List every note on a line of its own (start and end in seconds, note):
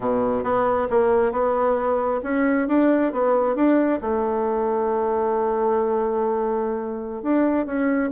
0.00 0.43 B2
0.43 0.88 B3
0.90 1.32 A#3
1.32 2.20 B3
2.23 2.67 C#4
2.68 3.12 D4
3.12 3.55 B3
3.55 4.00 D4
4.01 7.22 A3
7.22 7.65 D4
7.65 8.10 C#4